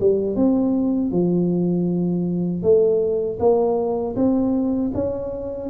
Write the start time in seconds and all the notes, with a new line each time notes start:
0.00 G3
0.35 C4
1.11 F3
2.62 A3
3.39 A#3
4.16 C4
4.94 C#4